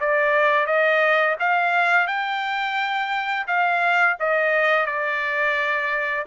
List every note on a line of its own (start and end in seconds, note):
0.00 0.66 D5
0.66 1.36 D#5
1.40 2.07 F5
2.07 3.47 G5
3.47 4.17 F5
4.19 4.86 D#5
4.86 6.25 D5